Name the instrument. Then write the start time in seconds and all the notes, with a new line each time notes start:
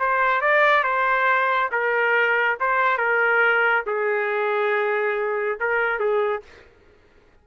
trumpet
0.00 C5
0.41 D5
0.84 C5
1.72 A#4
2.60 C5
2.98 A#4
3.87 G#4
5.60 A#4
5.99 G#4